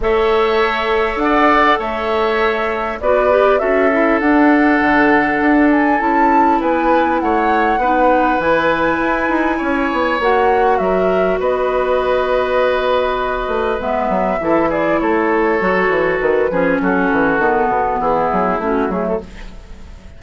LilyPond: <<
  \new Staff \with { instrumentName = "flute" } { \time 4/4 \tempo 4 = 100 e''2 fis''4 e''4~ | e''4 d''4 e''4 fis''4~ | fis''4. gis''8 a''4 gis''4 | fis''2 gis''2~ |
gis''4 fis''4 e''4 dis''4~ | dis''2. e''4~ | e''8 d''8 cis''2 b'4 | a'2 gis'4 fis'8 gis'16 a'16 | }
  \new Staff \with { instrumentName = "oboe" } { \time 4/4 cis''2 d''4 cis''4~ | cis''4 b'4 a'2~ | a'2. b'4 | cis''4 b'2. |
cis''2 ais'4 b'4~ | b'1 | a'8 gis'8 a'2~ a'8 gis'8 | fis'2 e'2 | }
  \new Staff \with { instrumentName = "clarinet" } { \time 4/4 a'1~ | a'4 fis'8 g'8 fis'8 e'8 d'4~ | d'2 e'2~ | e'4 dis'4 e'2~ |
e'4 fis'2.~ | fis'2. b4 | e'2 fis'4. cis'8~ | cis'4 b2 cis'8 a8 | }
  \new Staff \with { instrumentName = "bassoon" } { \time 4/4 a2 d'4 a4~ | a4 b4 cis'4 d'4 | d4 d'4 cis'4 b4 | a4 b4 e4 e'8 dis'8 |
cis'8 b8 ais4 fis4 b4~ | b2~ b8 a8 gis8 fis8 | e4 a4 fis8 e8 dis8 f8 | fis8 e8 dis8 b,8 e8 fis8 a8 fis8 | }
>>